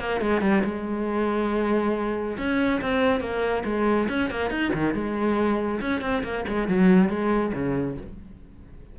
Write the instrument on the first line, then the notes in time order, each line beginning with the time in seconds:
cello
0.00 A#3
0.21 G#3
0.42 G3
0.65 G#3
2.38 C#4
2.82 C4
3.21 A#3
3.65 G#3
4.09 C#4
4.31 A#3
4.51 D#4
4.74 D#3
4.95 G#3
5.81 C#4
6.02 C4
6.24 A#3
6.48 G#3
6.68 F#3
7.10 G#3
7.54 C#3